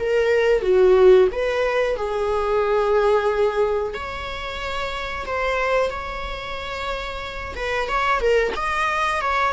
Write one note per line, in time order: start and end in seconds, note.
0.00 0.62 A#4
0.62 1.28 F#4
1.32 1.97 B4
1.97 3.94 G#4
3.94 5.26 C#5
5.27 5.90 C5
5.90 7.55 C#5
7.56 7.89 B4
7.89 8.21 C#5
8.21 8.54 A#4
8.57 9.22 D#5
9.22 9.54 C#5